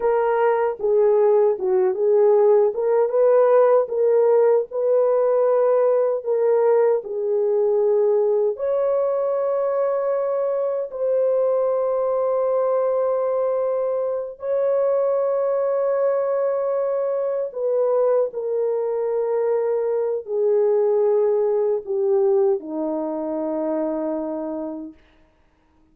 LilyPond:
\new Staff \with { instrumentName = "horn" } { \time 4/4 \tempo 4 = 77 ais'4 gis'4 fis'8 gis'4 ais'8 | b'4 ais'4 b'2 | ais'4 gis'2 cis''4~ | cis''2 c''2~ |
c''2~ c''8 cis''4.~ | cis''2~ cis''8 b'4 ais'8~ | ais'2 gis'2 | g'4 dis'2. | }